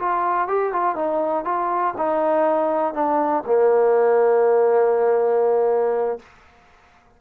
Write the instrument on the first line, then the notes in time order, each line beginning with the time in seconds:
trombone
0.00 F4
0.48 G4
0.73 F4
0.96 D#4
1.45 F4
1.98 D#4
2.94 D4
3.47 A#3